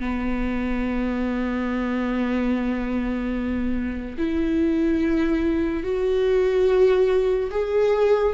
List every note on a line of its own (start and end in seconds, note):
0.00 4.17 B3
4.18 5.83 E4
5.83 7.50 F#4
7.51 8.33 G#4